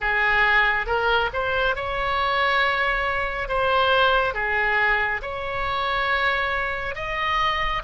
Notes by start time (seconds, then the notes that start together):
0.00 G#4
0.86 A#4
1.33 C5
1.75 C#5
3.48 C5
4.34 G#4
5.22 C#5
6.95 D#5